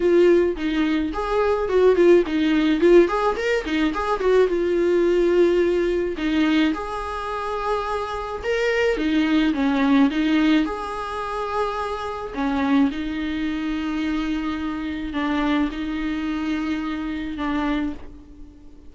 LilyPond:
\new Staff \with { instrumentName = "viola" } { \time 4/4 \tempo 4 = 107 f'4 dis'4 gis'4 fis'8 f'8 | dis'4 f'8 gis'8 ais'8 dis'8 gis'8 fis'8 | f'2. dis'4 | gis'2. ais'4 |
dis'4 cis'4 dis'4 gis'4~ | gis'2 cis'4 dis'4~ | dis'2. d'4 | dis'2. d'4 | }